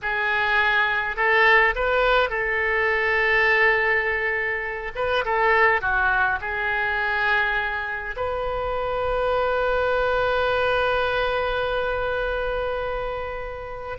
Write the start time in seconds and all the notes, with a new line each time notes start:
0.02 G#4
1.16 A4
1.75 B4
2.29 A4
4.95 B4
5.24 A4
5.81 F#4
6.41 G#4
8.16 B4